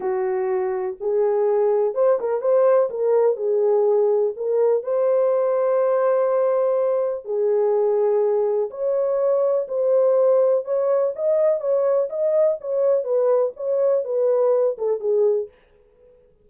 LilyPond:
\new Staff \with { instrumentName = "horn" } { \time 4/4 \tempo 4 = 124 fis'2 gis'2 | c''8 ais'8 c''4 ais'4 gis'4~ | gis'4 ais'4 c''2~ | c''2. gis'4~ |
gis'2 cis''2 | c''2 cis''4 dis''4 | cis''4 dis''4 cis''4 b'4 | cis''4 b'4. a'8 gis'4 | }